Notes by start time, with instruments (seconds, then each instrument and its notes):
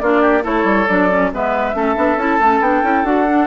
0.00 bassoon A#3, clarinet D4, oboe F4, flute D5
0.21 oboe G4
0.43 bassoon A3, clarinet E4, oboe A4, flute C#5
0.65 bassoon G3
0.88 bassoon F#3, clarinet D4, flute D5
1.11 clarinet C#4
1.33 bassoon G#3, clarinet B3, oboe B4, flute E5
1.74 bassoon A3, clarinet C#4, oboe A4
1.96 bassoon B3, clarinet D4
2.17 bassoon C#4, clarinet E4, flute A5
2.40 bassoon A3, clarinet C#4
2.61 bassoon B3, clarinet D4, flute G5
2.83 bassoon C#4, clarinet E4
3.04 bassoon D4, clarinet F#4, flute F#5
3.27 clarinet D4